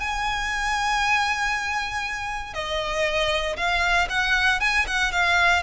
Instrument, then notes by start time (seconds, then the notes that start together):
violin
0.00 G#5
2.54 D#5
3.57 F5
4.10 F#5
4.60 G#5
4.87 F#5
5.12 F5